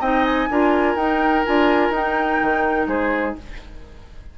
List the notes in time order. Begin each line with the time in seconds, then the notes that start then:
0.00 C4 D#4 D#5 G5
0.25 G#5
0.50 D4 F4 A#4
0.96 D#4 G5
1.45 D4 F4 G#5
1.90 D#4 G5
2.42 D#3
2.87 G#3 G#4 C5